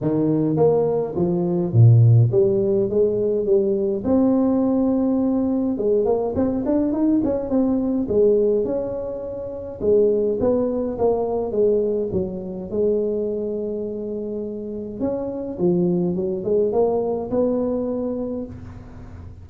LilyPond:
\new Staff \with { instrumentName = "tuba" } { \time 4/4 \tempo 4 = 104 dis4 ais4 f4 ais,4 | g4 gis4 g4 c'4~ | c'2 gis8 ais8 c'8 d'8 | dis'8 cis'8 c'4 gis4 cis'4~ |
cis'4 gis4 b4 ais4 | gis4 fis4 gis2~ | gis2 cis'4 f4 | fis8 gis8 ais4 b2 | }